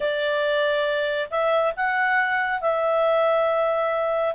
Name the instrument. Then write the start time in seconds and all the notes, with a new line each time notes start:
clarinet
0.00 D5
1.30 E5
1.76 F#5
2.61 E5